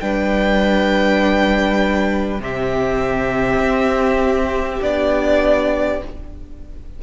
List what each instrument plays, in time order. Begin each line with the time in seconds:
0.00 cello G3, viola D4, violin B4 G5
2.40 cello C3, viola C4, violin G4 E5
3.60 cello C4
4.81 cello B3, viola D4, violin D5